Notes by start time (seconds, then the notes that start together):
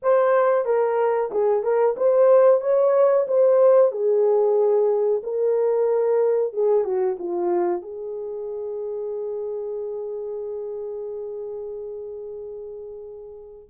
0.02 C5
0.65 A#4
1.31 G#4
1.63 A#4
1.97 C5
2.61 C#5
3.27 C5
3.91 G#4
5.23 A#4
6.53 G#4
6.84 F#4
7.19 F4
7.82 G#4